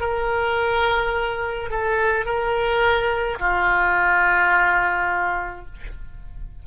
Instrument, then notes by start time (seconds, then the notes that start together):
oboe
0.00 A#4
1.70 A4
2.25 A#4
3.39 F4